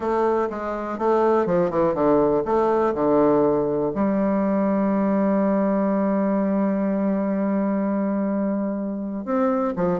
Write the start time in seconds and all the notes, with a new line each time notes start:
0.00 A3
0.50 G#3
0.98 A3
1.45 F3
1.70 E3
1.94 D3
2.45 A3
2.94 D3
3.94 G3
9.25 C4
9.76 F3